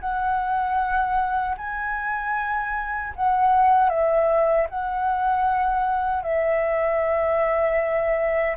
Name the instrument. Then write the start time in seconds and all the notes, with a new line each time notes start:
flute
0.00 F#5
1.57 G#5
3.15 F#5
3.89 E5
4.69 F#5
6.22 E5